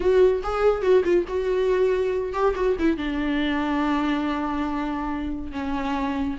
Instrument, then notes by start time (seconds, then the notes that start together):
viola
0.00 F#4
0.43 G#4
0.81 F#4
1.04 F4
1.27 F#4
2.33 G4
2.55 F#4
2.79 E4
2.97 D4
5.51 C#4